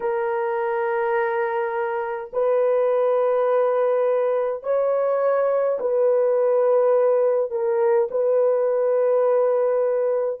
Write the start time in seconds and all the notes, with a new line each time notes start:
0.00 A#4
2.32 B4
4.63 C#5
5.80 B4
7.50 A#4
8.10 B4